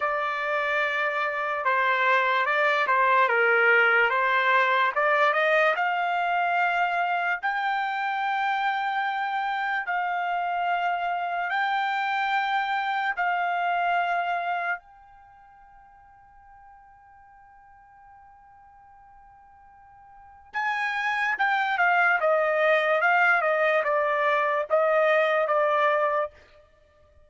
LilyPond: \new Staff \with { instrumentName = "trumpet" } { \time 4/4 \tempo 4 = 73 d''2 c''4 d''8 c''8 | ais'4 c''4 d''8 dis''8 f''4~ | f''4 g''2. | f''2 g''2 |
f''2 g''2~ | g''1~ | g''4 gis''4 g''8 f''8 dis''4 | f''8 dis''8 d''4 dis''4 d''4 | }